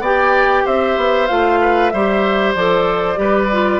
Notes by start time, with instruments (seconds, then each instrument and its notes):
0.00 bassoon B3, clarinet G4, oboe D5, flute G5
0.65 bassoon C4, oboe C5, flute E5
0.97 bassoon B3
1.27 bassoon A3, clarinet F4, flute F5
1.61 oboe B4
1.90 bassoon G3, clarinet G4, oboe C5, flute E5
2.55 bassoon F3, clarinet A4, flute D5
3.16 bassoon G3, clarinet G4, oboe B4
3.52 clarinet F4